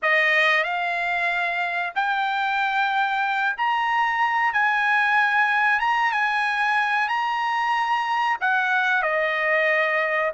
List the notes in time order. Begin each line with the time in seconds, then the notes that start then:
0.02 D#5
0.63 F5
1.95 G5
3.57 A#5
4.53 G#5
5.79 A#5
6.11 G#5
7.08 A#5
8.40 F#5
9.02 D#5